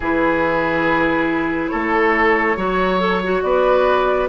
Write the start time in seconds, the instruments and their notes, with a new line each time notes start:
0.00 bassoon E3, clarinet E4, oboe G#4, flute B4
1.68 bassoon A3, oboe A4, flute C#5
2.56 bassoon F#3, clarinet F#4, oboe C#5
2.99 clarinet A4
3.23 clarinet F#4
3.42 bassoon B3, oboe B4, flute D5